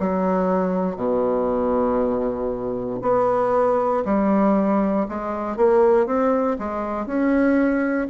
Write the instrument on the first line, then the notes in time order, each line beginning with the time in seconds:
bassoon
0.00 F#3
0.97 B2
3.02 B3
4.05 G3
5.09 G#3
5.57 A#3
6.07 C4
6.59 G#3
7.07 C#4